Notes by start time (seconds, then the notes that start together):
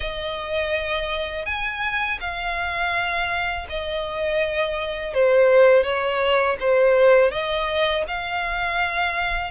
0.00 D#5
1.45 G#5
2.20 F5
3.69 D#5
5.14 C5
5.83 C#5
6.60 C5
7.31 D#5
8.07 F5